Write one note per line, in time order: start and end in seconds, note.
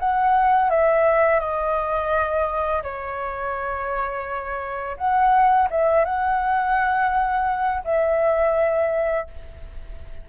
0.00 0.71 F#5
0.71 1.40 E5
1.40 2.83 D#5
2.83 4.97 C#5
4.98 5.69 F#5
5.71 6.05 E5
6.05 7.84 F#5
7.85 9.28 E5